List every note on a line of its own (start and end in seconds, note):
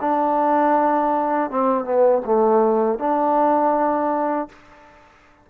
0.00 1.50 D4
1.50 1.84 C4
1.84 2.22 B3
2.25 2.98 A3
2.98 4.48 D4